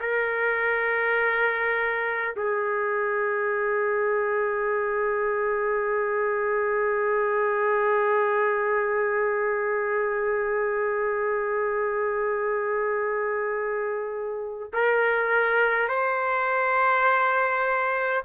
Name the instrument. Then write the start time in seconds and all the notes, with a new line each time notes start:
trumpet
0.00 A#4
2.36 G#4
14.73 A#4
15.88 C5